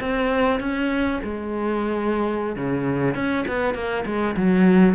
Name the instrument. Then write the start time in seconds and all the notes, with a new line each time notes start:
cello
0.00 C4
0.60 C#4
1.23 G#3
2.56 C#3
3.14 C#4
3.47 B3
3.74 A#3
4.06 G#3
4.36 F#3